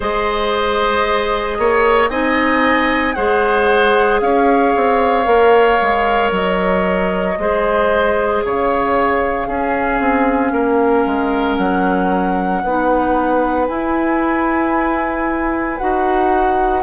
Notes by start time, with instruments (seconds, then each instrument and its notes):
0.00 bassoon G#3, clarinet G#4, oboe C5, flute D#5
1.58 bassoon A#3, oboe C#5
2.09 bassoon C4, clarinet D#4, oboe D#5, flute G#5
3.14 bassoon G#3, clarinet G#4, oboe C5, flute F#5
4.20 bassoon C#4, oboe C#5, flute F5
4.76 bassoon C4
5.23 bassoon A#3, clarinet A#4
5.81 bassoon G#3
6.31 bassoon F#3, flute D#5
7.38 bassoon G#3, clarinet G#4, oboe C5
8.42 bassoon C#3, oboe C#5, flute F5
9.47 bassoon C#4, clarinet C#4, oboe G#4
10.00 bassoon C4
10.52 bassoon A#3, oboe A#4
11.06 bassoon G#3
11.56 bassoon F#3, flute F#5
12.62 bassoon B3, clarinet D#4, oboe B4
13.67 bassoon E4, clarinet E4, flute G#5
15.77 bassoon D#4, clarinet F#4, flute F#5